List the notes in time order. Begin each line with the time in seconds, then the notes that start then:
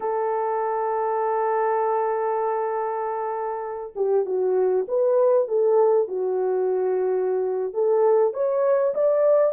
0.00 A4
3.95 G4
4.25 F#4
4.88 B4
5.47 A4
6.08 F#4
7.73 A4
8.33 C#5
8.94 D5